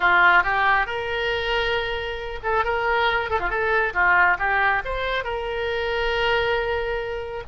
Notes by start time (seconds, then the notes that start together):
0.00 F4
0.43 G4
0.86 A#4
2.43 A4
2.64 A#4
3.29 A4
3.39 F4
3.49 A4
3.93 F4
4.38 G4
4.84 C5
5.24 A#4